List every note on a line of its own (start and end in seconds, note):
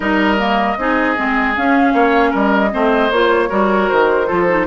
0.00 0.76 G3
0.00 0.37 D#4
0.00 0.78 A#4
0.00 1.53 D#5
0.37 0.76 A#3
0.77 1.16 C4
0.77 1.16 D#4
0.77 1.93 G#4
1.16 1.57 G#3
1.16 1.55 C4
1.56 2.71 C#4
1.56 1.93 C#4
1.56 2.34 F5
1.93 2.32 A#3
1.93 2.30 C#5
2.30 2.73 G3
2.30 2.69 A#4
2.30 3.11 D#5
2.71 3.10 A3
2.71 3.10 C4
2.71 3.49 C5
3.10 3.49 A#3
3.10 3.48 F4
3.10 3.89 C#5
3.48 3.89 G3
3.48 4.26 F#4
3.48 4.27 A#4
3.89 4.30 D#3
3.89 4.67 C5
4.26 4.67 F3
4.26 4.45 F4
4.26 4.66 A4
4.48 4.67 D#4